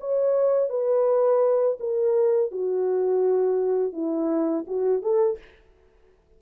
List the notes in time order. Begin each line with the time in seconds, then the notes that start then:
0.00 C#5
0.69 B4
1.79 A#4
2.51 F#4
3.93 E4
4.67 F#4
5.02 A4